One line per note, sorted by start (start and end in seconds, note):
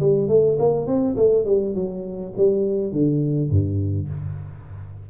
0.00 0.29 G3
0.29 0.58 A3
0.59 0.87 A#3
0.87 1.16 C4
1.17 1.45 A3
1.45 1.75 G3
1.75 2.34 F#3
2.37 2.93 G3
2.93 3.51 D3
3.51 4.10 G2